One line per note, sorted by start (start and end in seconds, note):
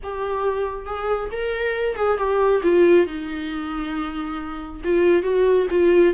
0.03 0.85 G4
0.85 1.29 G#4
1.31 1.95 A#4
1.95 2.17 G#4
2.17 2.61 G4
2.63 3.06 F4
3.06 4.81 D#4
4.84 5.22 F4
5.22 5.66 F#4
5.70 6.14 F4